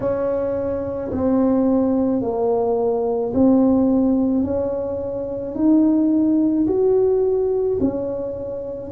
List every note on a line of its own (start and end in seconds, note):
0.00 1.11 C#4
1.11 2.21 C4
2.21 3.32 A#3
3.33 4.43 C4
4.43 5.55 C#4
5.55 6.66 D#4
6.67 7.78 F#4
7.80 8.91 C#4